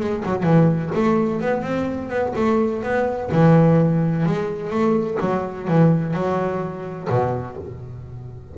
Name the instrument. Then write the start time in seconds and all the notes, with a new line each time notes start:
double bass
0.00 G#3
0.25 F#3
0.43 E3
0.95 A3
1.41 B3
1.62 C4
2.09 B3
2.36 A3
2.83 B3
3.32 E3
4.26 G#3
4.70 A3
5.20 F#3
5.68 E3
6.14 F#3
7.09 B2